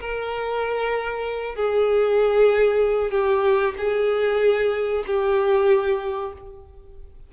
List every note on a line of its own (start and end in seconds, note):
0.00 1.55 A#4
1.55 3.11 G#4
3.11 3.74 G4
3.78 5.04 G#4
5.07 6.33 G4